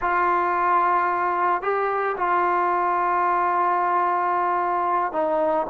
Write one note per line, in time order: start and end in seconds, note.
0.01 1.62 F4
1.62 2.16 G4
2.17 5.12 F4
5.12 5.66 D#4